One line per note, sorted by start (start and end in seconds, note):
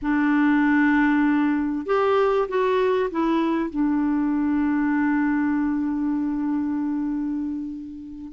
0.02 1.86 D4
1.86 2.47 G4
2.48 3.10 F#4
3.10 3.70 E4
3.70 8.32 D4